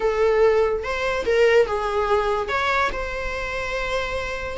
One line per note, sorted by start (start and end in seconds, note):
0.00 0.83 A4
0.83 1.25 C5
1.25 1.66 A#4
1.66 2.48 G#4
2.48 2.90 C#5
2.92 4.57 C5